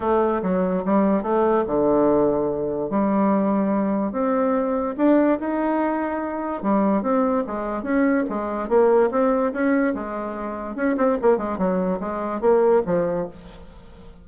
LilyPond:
\new Staff \with { instrumentName = "bassoon" } { \time 4/4 \tempo 4 = 145 a4 fis4 g4 a4 | d2. g4~ | g2 c'2 | d'4 dis'2. |
g4 c'4 gis4 cis'4 | gis4 ais4 c'4 cis'4 | gis2 cis'8 c'8 ais8 gis8 | fis4 gis4 ais4 f4 | }